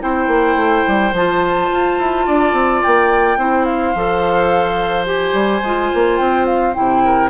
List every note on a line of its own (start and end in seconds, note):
0.00 0.28 C4
0.00 1.12 E4
0.00 2.26 C5
0.00 1.14 G5
0.28 0.56 A#3
0.56 0.84 A3
0.88 1.12 G3
1.12 1.68 F3
1.12 3.39 F4
1.12 2.83 A5
1.72 1.99 F4
1.99 2.27 E4
2.26 2.53 D4
2.26 3.38 D5
2.53 2.81 C4
2.83 3.37 A#3
2.83 3.65 G5
3.37 3.93 C4
3.37 3.95 E4
3.37 7.04 C5
3.65 5.05 F5
3.95 5.33 F3
3.95 5.06 A4
5.06 5.62 G4
5.06 6.18 G#5
5.33 5.61 G3
5.63 5.91 G#3
5.63 6.74 F4
5.95 6.20 A#3
6.18 6.76 C4
6.18 6.46 G5
6.46 6.74 F5
6.74 7.30 C3
6.74 7.30 E4
6.74 7.30 G5
7.05 7.30 A#4